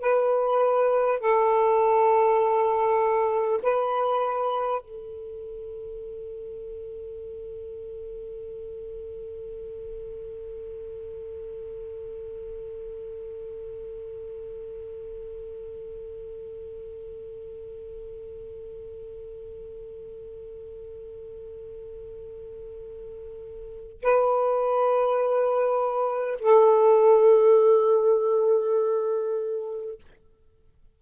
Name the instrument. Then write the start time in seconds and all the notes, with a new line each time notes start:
saxophone
0.00 B4
1.21 A4
3.63 B4
4.82 A4
24.02 B4
26.40 A4